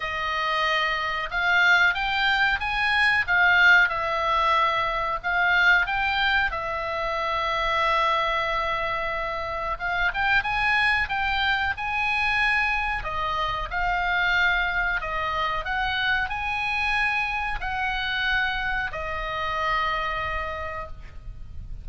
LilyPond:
\new Staff \with { instrumentName = "oboe" } { \time 4/4 \tempo 4 = 92 dis''2 f''4 g''4 | gis''4 f''4 e''2 | f''4 g''4 e''2~ | e''2. f''8 g''8 |
gis''4 g''4 gis''2 | dis''4 f''2 dis''4 | fis''4 gis''2 fis''4~ | fis''4 dis''2. | }